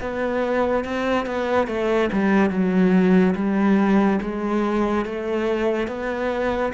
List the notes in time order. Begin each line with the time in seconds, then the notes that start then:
0.00 B3
0.84 C4
1.26 B3
1.67 A3
2.12 G3
2.50 F#3
3.35 G3
4.21 G#3
5.05 A3
5.87 B3